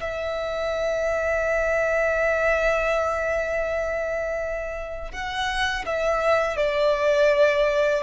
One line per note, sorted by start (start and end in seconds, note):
0.00 5.12 E5
5.12 5.85 F#5
5.85 6.57 E5
6.57 8.03 D5